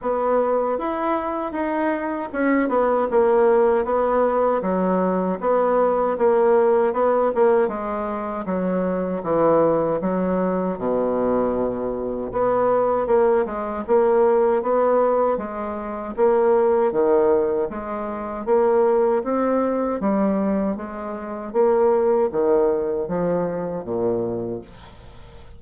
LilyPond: \new Staff \with { instrumentName = "bassoon" } { \time 4/4 \tempo 4 = 78 b4 e'4 dis'4 cis'8 b8 | ais4 b4 fis4 b4 | ais4 b8 ais8 gis4 fis4 | e4 fis4 b,2 |
b4 ais8 gis8 ais4 b4 | gis4 ais4 dis4 gis4 | ais4 c'4 g4 gis4 | ais4 dis4 f4 ais,4 | }